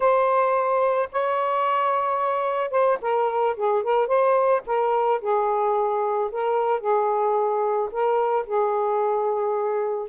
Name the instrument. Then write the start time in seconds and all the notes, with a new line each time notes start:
saxophone
0.00 C5
1.12 C#5
2.70 C5
3.01 A#4
3.56 G#4
3.83 A#4
4.07 C5
4.66 A#4
5.21 G#4
6.31 A#4
6.80 G#4
7.91 A#4
8.46 G#4